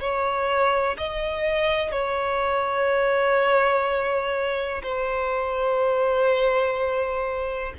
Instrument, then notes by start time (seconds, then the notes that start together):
violin
0.00 C#5
0.98 D#5
1.92 C#5
4.83 C5